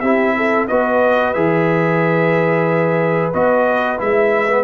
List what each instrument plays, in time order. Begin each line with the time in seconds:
0.00 tuba C4, trombone E4, horn G4, trumpet E5
0.36 horn A4
0.67 tuba B3, trombone F#4, horn B4, trumpet D#5
1.33 tuba E3, trombone G#4, trumpet E5
3.33 tuba B3, trombone F#4, trumpet D#5
3.97 tuba G#3, trombone E4, trumpet E5
4.48 trombone B3